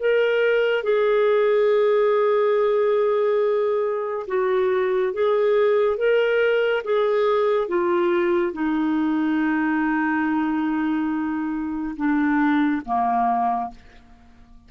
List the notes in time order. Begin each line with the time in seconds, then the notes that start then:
0.00 A#4
0.84 G#4
4.27 F#4
5.14 G#4
5.97 A#4
6.84 G#4
7.68 F4
8.53 D#4
11.96 D4
12.85 A#3